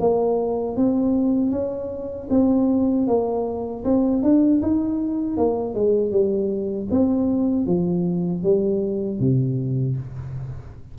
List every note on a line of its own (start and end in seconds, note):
0.00 0.77 A#3
0.77 1.51 C4
1.51 2.28 C#4
2.30 3.07 C4
3.07 3.84 A#3
3.85 4.23 C4
4.23 4.62 D4
4.62 5.37 D#4
5.37 5.74 A#3
5.74 6.11 G#3
6.11 6.88 G3
6.91 7.66 C4
7.66 8.43 F3
8.43 9.20 G3
9.20 9.96 C3